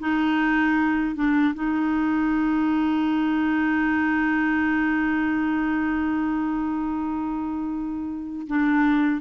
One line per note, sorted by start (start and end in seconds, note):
0.00 1.15 D#4
1.15 1.54 D4
1.55 8.47 D#4
8.48 9.21 D4